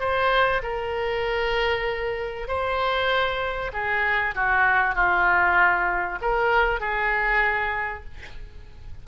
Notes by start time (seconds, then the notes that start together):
0.00 C5
0.63 A#4
2.48 C5
3.73 G#4
4.36 F#4
4.95 F4
6.22 A#4
6.80 G#4